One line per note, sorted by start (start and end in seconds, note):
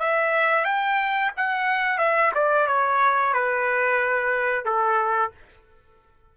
0.00 0.65 E5
0.65 1.32 G5
1.37 1.98 F#5
1.98 2.32 E5
2.35 2.67 D5
2.67 3.34 C#5
3.34 4.65 B4
4.65 5.32 A4